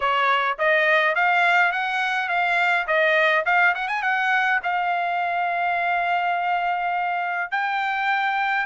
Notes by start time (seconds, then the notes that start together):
0.00 C#5
0.58 D#5
1.15 F5
1.72 F#5
2.28 F5
2.87 D#5
3.45 F5
3.74 F#5
3.88 G#5
4.02 F#5
4.63 F5
7.51 G5